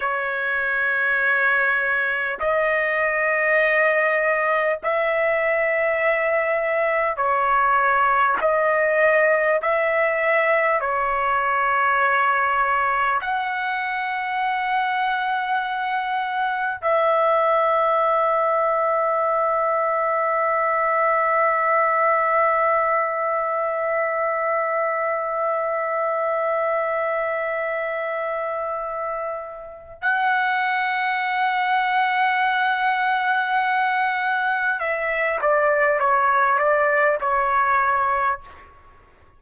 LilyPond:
\new Staff \with { instrumentName = "trumpet" } { \time 4/4 \tempo 4 = 50 cis''2 dis''2 | e''2 cis''4 dis''4 | e''4 cis''2 fis''4~ | fis''2 e''2~ |
e''1~ | e''1~ | e''4 fis''2.~ | fis''4 e''8 d''8 cis''8 d''8 cis''4 | }